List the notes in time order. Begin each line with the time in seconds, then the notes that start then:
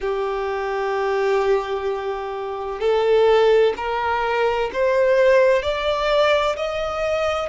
0.00 G4
2.80 A4
3.76 A#4
4.73 C5
5.62 D5
6.56 D#5